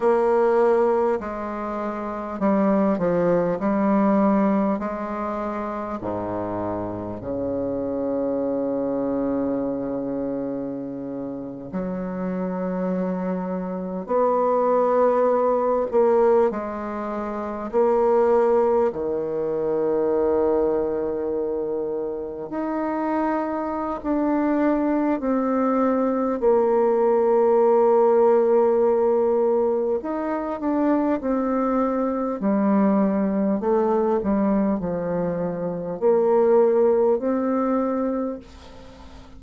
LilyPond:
\new Staff \with { instrumentName = "bassoon" } { \time 4/4 \tempo 4 = 50 ais4 gis4 g8 f8 g4 | gis4 gis,4 cis2~ | cis4.~ cis16 fis2 b16~ | b4~ b16 ais8 gis4 ais4 dis16~ |
dis2~ dis8. dis'4~ dis'16 | d'4 c'4 ais2~ | ais4 dis'8 d'8 c'4 g4 | a8 g8 f4 ais4 c'4 | }